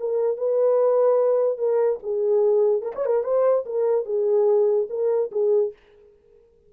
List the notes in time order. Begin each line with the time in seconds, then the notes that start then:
0.00 A#4
0.38 B4
1.58 A#4
2.03 G#4
2.82 A#4
2.96 C#5
3.06 A#4
3.24 C5
3.66 A#4
4.06 G#4
4.90 A#4
5.32 G#4